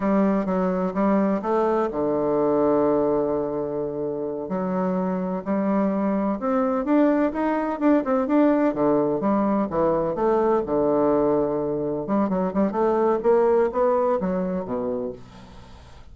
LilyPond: \new Staff \with { instrumentName = "bassoon" } { \time 4/4 \tempo 4 = 127 g4 fis4 g4 a4 | d1~ | d4. fis2 g8~ | g4. c'4 d'4 dis'8~ |
dis'8 d'8 c'8 d'4 d4 g8~ | g8 e4 a4 d4.~ | d4. g8 fis8 g8 a4 | ais4 b4 fis4 b,4 | }